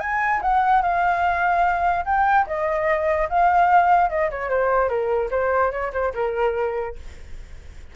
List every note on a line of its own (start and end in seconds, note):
0.00 0.41 G#5
0.42 0.83 F#5
0.83 2.05 F5
2.05 2.46 G5
2.47 3.29 D#5
3.29 4.10 F5
4.10 4.30 D#5
4.31 4.50 C#5
4.50 4.89 C5
4.89 5.30 A#4
5.31 5.72 C5
5.72 5.92 C#5
5.93 6.13 C5
6.14 6.96 A#4